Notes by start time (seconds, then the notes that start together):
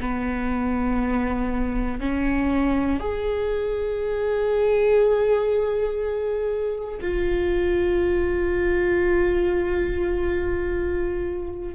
0.00 B3
2.00 C#4
3.00 G#4
7.01 F4